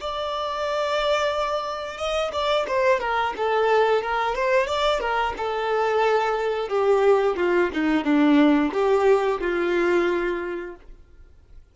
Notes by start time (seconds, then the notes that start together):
0.00 D5
1.97 D#5
2.32 D5
2.67 C5
3.00 A#4
3.36 A4
4.01 A#4
4.35 C5
4.67 D5
4.99 A#4
5.37 A4
6.68 G4
7.36 F4
7.73 D#4
8.04 D4
8.72 G4
9.40 F4